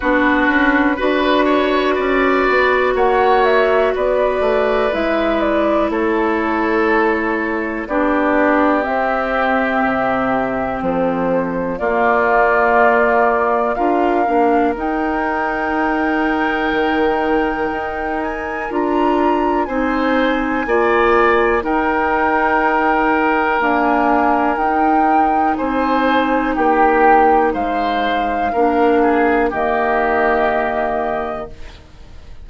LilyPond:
<<
  \new Staff \with { instrumentName = "flute" } { \time 4/4 \tempo 4 = 61 b'2. fis''8 e''8 | d''4 e''8 d''8 cis''2 | d''4 e''2 c''4 | d''2 f''4 g''4~ |
g''2~ g''8 gis''8 ais''4 | gis''2 g''2 | gis''4 g''4 gis''4 g''4 | f''2 dis''2 | }
  \new Staff \with { instrumentName = "oboe" } { \time 4/4 fis'4 b'8 cis''8 d''4 cis''4 | b'2 a'2 | g'2. a'4 | f'2 ais'2~ |
ais'1 | c''4 d''4 ais'2~ | ais'2 c''4 g'4 | c''4 ais'8 gis'8 g'2 | }
  \new Staff \with { instrumentName = "clarinet" } { \time 4/4 d'4 fis'2.~ | fis'4 e'2. | d'4 c'2. | ais2 f'8 d'8 dis'4~ |
dis'2. f'4 | dis'4 f'4 dis'2 | ais4 dis'2.~ | dis'4 d'4 ais2 | }
  \new Staff \with { instrumentName = "bassoon" } { \time 4/4 b8 cis'8 d'4 cis'8 b8 ais4 | b8 a8 gis4 a2 | b4 c'4 c4 f4 | ais2 d'8 ais8 dis'4~ |
dis'4 dis4 dis'4 d'4 | c'4 ais4 dis'2 | d'4 dis'4 c'4 ais4 | gis4 ais4 dis2 | }
>>